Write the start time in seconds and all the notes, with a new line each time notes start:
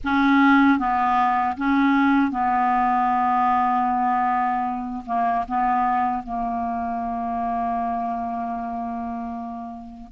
0.04 C#4
0.79 B3
1.57 C#4
2.31 B3
5.06 A#3
5.48 B3
6.23 A#3